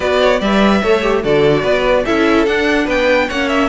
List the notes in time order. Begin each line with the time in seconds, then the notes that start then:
0.00 B3 F#4 B4 D5
0.21 C#5
0.39 G3 B4 D5 E5
0.81 A3 A4 C#5
1.02 G4
1.22 D3 F#4 A4 D5
1.62 B3 B4
2.05 C#4 E4 A4 E5
2.46 D4 F#5
2.84 B3 B4 G5
3.28 A#3 C#4 C#5 F#5
3.49 E5